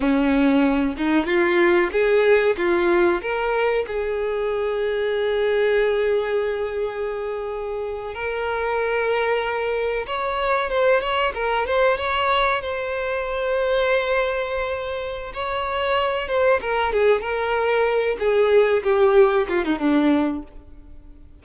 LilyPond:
\new Staff \with { instrumentName = "violin" } { \time 4/4 \tempo 4 = 94 cis'4. dis'8 f'4 gis'4 | f'4 ais'4 gis'2~ | gis'1~ | gis'8. ais'2. cis''16~ |
cis''8. c''8 cis''8 ais'8 c''8 cis''4 c''16~ | c''1 | cis''4. c''8 ais'8 gis'8 ais'4~ | ais'8 gis'4 g'4 f'16 dis'16 d'4 | }